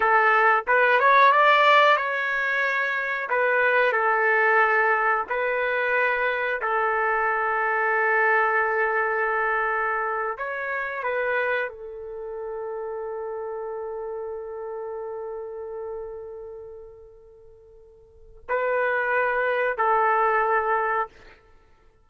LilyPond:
\new Staff \with { instrumentName = "trumpet" } { \time 4/4 \tempo 4 = 91 a'4 b'8 cis''8 d''4 cis''4~ | cis''4 b'4 a'2 | b'2 a'2~ | a'2.~ a'8. cis''16~ |
cis''8. b'4 a'2~ a'16~ | a'1~ | a'1 | b'2 a'2 | }